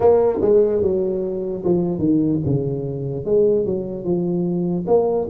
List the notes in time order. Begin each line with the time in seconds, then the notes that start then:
0.00 A#3
0.41 G#3
0.81 F#3
1.64 F3
1.98 D#3
2.45 C#3
3.25 G#3
3.65 F#3
4.04 F3
4.87 A#3